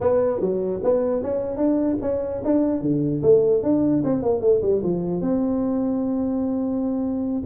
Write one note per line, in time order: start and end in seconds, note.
0.00 0.40 B3
0.40 0.81 F#3
0.83 1.22 B3
1.22 1.56 C#4
1.56 1.97 D4
2.01 2.42 C#4
2.44 2.81 D4
2.81 3.21 D3
3.22 3.62 A3
3.62 4.02 D4
4.04 4.22 C4
4.22 4.41 A#3
4.41 4.61 A3
4.61 4.81 G3
4.83 5.21 F3
5.21 7.42 C4